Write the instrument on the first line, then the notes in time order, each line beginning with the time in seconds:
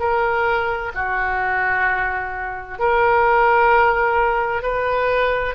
oboe
0.00 A#4
0.95 F#4
2.79 A#4
4.63 B4